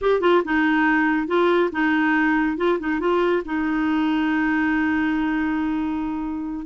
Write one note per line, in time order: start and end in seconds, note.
0.01 0.20 G4
0.20 0.42 F4
0.45 1.27 D#4
1.27 1.70 F4
1.71 2.57 D#4
2.57 2.78 F4
2.79 3.00 D#4
3.00 3.42 F4
3.45 6.65 D#4